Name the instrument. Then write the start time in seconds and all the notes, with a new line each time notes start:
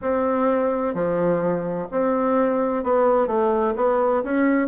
bassoon
0.01 C4
0.94 F3
1.91 C4
2.83 B3
3.27 A3
3.76 B3
4.23 C#4